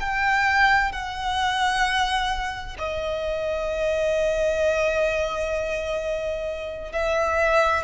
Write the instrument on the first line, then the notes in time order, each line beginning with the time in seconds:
violin
0.00 G5
0.92 F#5
2.79 D#5
6.93 E5